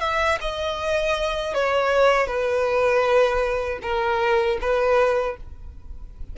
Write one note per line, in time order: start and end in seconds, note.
0.00 0.38 E5
0.41 1.54 D#5
1.54 2.27 C#5
2.27 3.79 B4
3.82 4.58 A#4
4.61 5.37 B4